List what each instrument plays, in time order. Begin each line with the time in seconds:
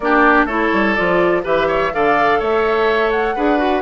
0.00 bassoon A#3, clarinet D4, oboe G4, flute D5
0.45 bassoon A3, clarinet E4, oboe A4, flute C#5
0.72 bassoon G3
0.94 bassoon F3, clarinet F4, flute D5
1.43 bassoon E3, clarinet G4, oboe B4, flute E5
1.67 oboe C#5
1.93 bassoon D3, clarinet A4, oboe D5, flute F5
2.39 bassoon A3, oboe C#5, flute E5
3.10 flute F#5
3.35 bassoon D4, clarinet G#4, oboe B4
3.57 clarinet F#4